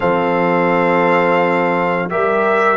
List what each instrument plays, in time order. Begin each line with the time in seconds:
0.00 tuba F3, trombone C4, horn A4, trumpet F5
2.09 tuba G3, trombone G4, horn A#4, trumpet E5